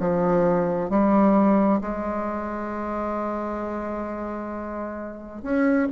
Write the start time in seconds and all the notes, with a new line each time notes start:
0.00 F3
0.90 G3
1.81 G#3
5.43 C#4